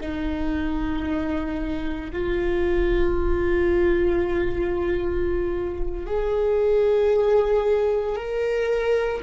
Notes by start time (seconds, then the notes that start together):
0.00 D#4
2.12 F4
6.06 G#4
8.15 A#4